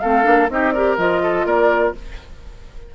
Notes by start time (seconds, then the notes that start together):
0.00 A3 C4 A4 F5
0.23 A#3 D4
0.49 C4 D#4 G4 D#5
0.72 G4 A#4 D5
0.98 F3 F4 D#5
1.22 A4
1.45 A#3 A#4 D5